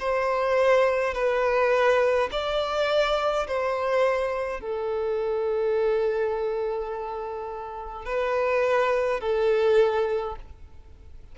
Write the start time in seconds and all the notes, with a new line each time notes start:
0.00 C5
1.14 B4
2.32 D5
3.48 C5
4.60 A4
8.06 B4
9.20 A4